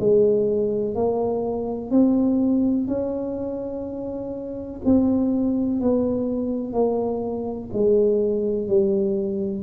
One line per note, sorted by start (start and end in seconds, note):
0.00 0.95 G#3
0.95 1.91 A#3
1.91 2.88 C4
2.88 4.82 C#4
4.85 5.81 C4
5.81 6.73 B3
6.73 7.70 A#3
7.73 8.68 G#3
8.68 9.63 G3